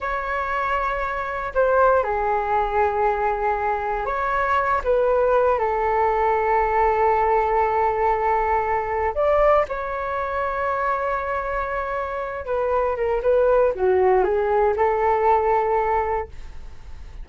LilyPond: \new Staff \with { instrumentName = "flute" } { \time 4/4 \tempo 4 = 118 cis''2. c''4 | gis'1 | cis''4. b'4. a'4~ | a'1~ |
a'2 d''4 cis''4~ | cis''1~ | cis''8 b'4 ais'8 b'4 fis'4 | gis'4 a'2. | }